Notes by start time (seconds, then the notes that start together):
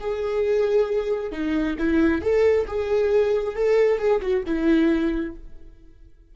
0.00 G#4
1.32 D#4
1.79 E4
2.22 A4
2.67 G#4
3.55 A4
3.99 G#4
4.22 F#4
4.46 E4